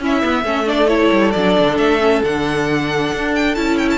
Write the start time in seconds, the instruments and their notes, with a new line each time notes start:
0.00 cello C#4, viola C#4, violin E4 E5
0.22 viola B3, cello B3
0.43 cello A3, viola C#4, violin A4
0.65 viola D4, violin D5
0.87 viola E4, violin C#5
1.11 cello G3
1.31 cello F#3, viola D4, violin D5
1.59 cello D3
1.78 cello A3, violin E5
2.00 viola C#4
2.23 cello D3, viola D4, violin F#5
3.13 cello D4
3.35 violin G5
3.55 cello C#4, viola E4, violin A5
3.78 violin G5
3.90 violin A5